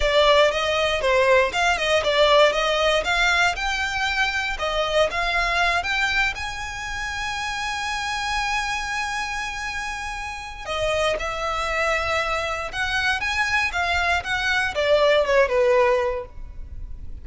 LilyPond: \new Staff \with { instrumentName = "violin" } { \time 4/4 \tempo 4 = 118 d''4 dis''4 c''4 f''8 dis''8 | d''4 dis''4 f''4 g''4~ | g''4 dis''4 f''4. g''8~ | g''8 gis''2.~ gis''8~ |
gis''1~ | gis''4 dis''4 e''2~ | e''4 fis''4 gis''4 f''4 | fis''4 d''4 cis''8 b'4. | }